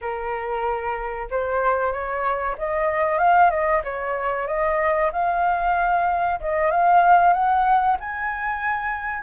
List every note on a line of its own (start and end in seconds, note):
0.01 1.29 A#4
1.30 1.92 C5
1.92 2.56 C#5
2.57 3.18 D#5
3.18 3.50 F5
3.50 3.82 D#5
3.84 4.47 C#5
4.47 5.11 D#5
5.12 6.40 F5
6.40 6.71 D#5
6.71 7.33 F5
7.33 7.96 F#5
8.00 9.22 G#5